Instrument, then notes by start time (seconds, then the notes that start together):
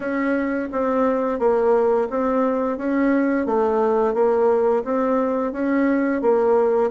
bassoon
0.00 C#4
0.71 C4
1.39 A#3
2.09 C4
2.77 C#4
3.45 A3
4.14 A#3
4.84 C4
5.52 C#4
6.21 A#3